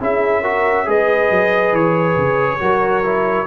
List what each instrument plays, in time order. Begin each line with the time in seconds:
0.00 tuba C#4, trombone E4, horn G#4, trumpet E5
0.41 trombone F#4, horn A#4
0.85 tuba G#3, trombone G#4, horn B4, trumpet D#5
1.30 tuba F#3
1.72 tuba E3, trumpet C#5
2.17 tuba C#3
2.59 tuba F#3, trombone F#4, horn A#4
3.03 trombone E4